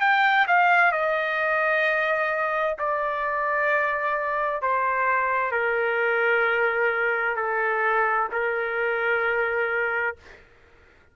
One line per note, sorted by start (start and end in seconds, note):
0.00 0.46 G5
0.47 0.92 F5
0.92 2.77 D#5
2.78 4.62 D5
4.62 5.51 C5
5.51 7.36 A#4
7.36 8.28 A4
8.32 10.16 A#4